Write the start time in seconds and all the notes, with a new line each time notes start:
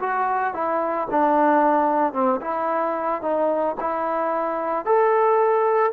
0.00 F#4
0.54 E4
1.11 D4
2.14 C4
2.42 E4
3.22 D#4
3.81 E4
4.86 A4